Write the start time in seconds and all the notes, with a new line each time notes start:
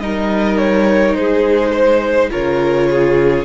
0.00 G3 D#4 A#4 D#5
0.58 C#5
1.15 G#3 G#4 C5
1.72 C5
2.31 C#3 F4 A#4 C#5
2.90 G#4